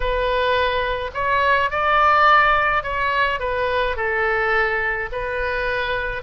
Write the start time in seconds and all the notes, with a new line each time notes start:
0.00 B4
1.14 C#5
1.70 D5
2.83 C#5
3.39 B4
3.96 A4
5.12 B4